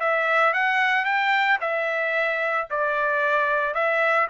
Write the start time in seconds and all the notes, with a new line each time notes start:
0.00 E5
0.54 F#5
1.05 G5
1.61 E5
2.70 D5
3.75 E5